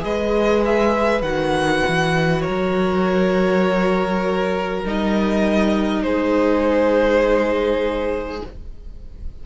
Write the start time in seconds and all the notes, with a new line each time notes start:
0.00 G#3 G#4 B4 D#5
0.65 E5
1.22 D#3 F#4 F#5
1.88 E3
2.41 A#4 C#5
2.47 F#3
4.84 G3 D#4 D#5
6.02 G#3 G#4 C5